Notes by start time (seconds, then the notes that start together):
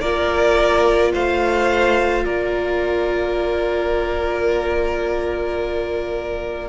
0.00 A#3 F4 A#4 D5
1.13 A3 C5 F5
2.25 A#3 A#4 D5